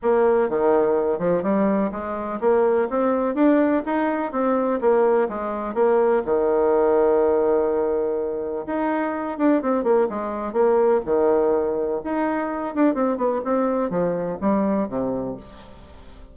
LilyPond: \new Staff \with { instrumentName = "bassoon" } { \time 4/4 \tempo 4 = 125 ais4 dis4. f8 g4 | gis4 ais4 c'4 d'4 | dis'4 c'4 ais4 gis4 | ais4 dis2.~ |
dis2 dis'4. d'8 | c'8 ais8 gis4 ais4 dis4~ | dis4 dis'4. d'8 c'8 b8 | c'4 f4 g4 c4 | }